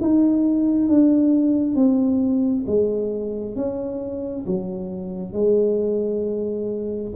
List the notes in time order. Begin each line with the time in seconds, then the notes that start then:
0.00 D#4
0.88 D4
1.75 C4
2.67 G#3
3.55 C#4
4.46 F#3
5.33 G#3